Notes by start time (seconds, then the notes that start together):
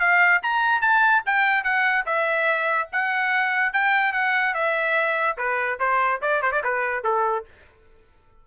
0.00 F5
0.43 A#5
0.81 A5
1.26 G5
1.64 F#5
2.06 E5
2.92 F#5
3.73 G5
4.13 F#5
4.54 E5
5.38 B4
5.80 C5
6.21 D5
6.42 C5
6.52 D5
6.64 B4
7.04 A4